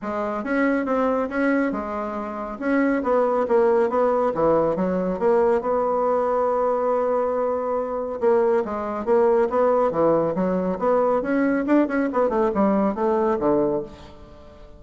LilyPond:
\new Staff \with { instrumentName = "bassoon" } { \time 4/4 \tempo 4 = 139 gis4 cis'4 c'4 cis'4 | gis2 cis'4 b4 | ais4 b4 e4 fis4 | ais4 b2.~ |
b2. ais4 | gis4 ais4 b4 e4 | fis4 b4 cis'4 d'8 cis'8 | b8 a8 g4 a4 d4 | }